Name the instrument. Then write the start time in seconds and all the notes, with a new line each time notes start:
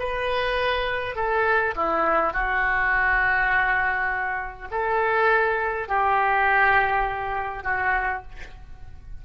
oboe
0.00 B4
1.16 A4
1.76 E4
2.33 F#4
4.72 A4
5.88 G4
7.64 F#4